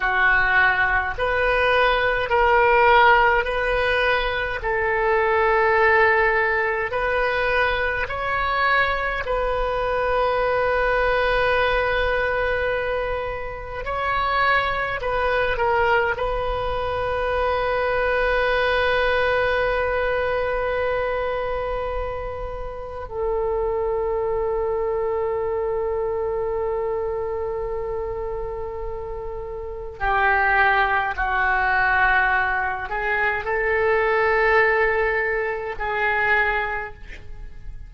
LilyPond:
\new Staff \with { instrumentName = "oboe" } { \time 4/4 \tempo 4 = 52 fis'4 b'4 ais'4 b'4 | a'2 b'4 cis''4 | b'1 | cis''4 b'8 ais'8 b'2~ |
b'1 | a'1~ | a'2 g'4 fis'4~ | fis'8 gis'8 a'2 gis'4 | }